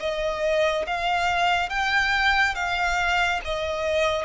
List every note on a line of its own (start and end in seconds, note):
0.00 0.86 D#5
0.87 1.70 F5
1.70 2.55 G5
2.55 3.41 F5
3.45 4.25 D#5